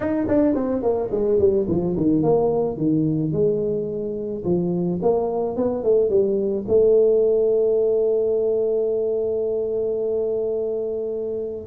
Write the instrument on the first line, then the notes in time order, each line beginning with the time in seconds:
tuba
0.00 D#4
0.28 D4
0.54 C4
0.82 A#3
1.11 G#3
1.39 G3
1.68 F3
1.96 D#3
2.22 A#3
2.77 D#3
3.32 G#3
4.44 F3
5.02 A#3
5.56 B3
5.83 A3
6.09 G3
6.67 A3